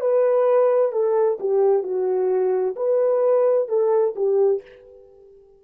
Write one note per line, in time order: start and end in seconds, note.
0.00 0.92 B4
0.92 1.38 A4
1.40 1.83 G4
1.83 2.75 F#4
2.76 3.68 B4
3.68 4.15 A4
4.15 4.62 G4